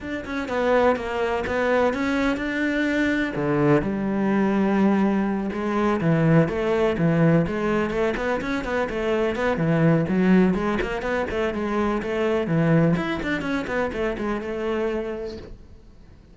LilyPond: \new Staff \with { instrumentName = "cello" } { \time 4/4 \tempo 4 = 125 d'8 cis'8 b4 ais4 b4 | cis'4 d'2 d4 | g2.~ g8 gis8~ | gis8 e4 a4 e4 gis8~ |
gis8 a8 b8 cis'8 b8 a4 b8 | e4 fis4 gis8 ais8 b8 a8 | gis4 a4 e4 e'8 d'8 | cis'8 b8 a8 gis8 a2 | }